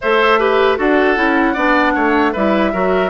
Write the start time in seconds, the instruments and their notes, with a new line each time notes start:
0.01 bassoon A3, clarinet A4, oboe C5, flute E5
0.39 clarinet G4, oboe B4
0.77 bassoon D4, clarinet F#4, oboe A4, flute F#5
1.16 bassoon C#4, clarinet E4
1.53 bassoon B3, clarinet D4, oboe D5
1.94 bassoon A3, oboe C#5
2.32 bassoon G3, clarinet E4, oboe B4, flute E5
2.72 bassoon F#3, clarinet F#4, oboe A#4